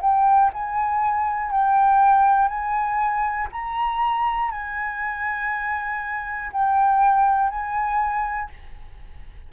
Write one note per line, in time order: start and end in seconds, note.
0.00 0.50 G5
0.53 1.50 G#5
1.50 2.48 G5
2.48 3.48 G#5
3.51 4.51 A#5
4.51 6.51 G#5
6.52 7.50 G5
7.50 8.50 G#5